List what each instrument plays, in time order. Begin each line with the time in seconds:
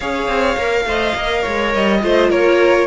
0.00 cello C#4, viola G#4, violin C#5 F5
0.27 cello C4
0.57 cello A#3, viola A#4
0.84 cello A3, viola C5, violin D#5
1.15 cello A#3, viola A#4
1.41 cello G#3, violin C#5
1.74 cello G3, violin D#5
2.01 cello A3, viola F4, violin C5
2.29 cello A#3, violin A#4 C#5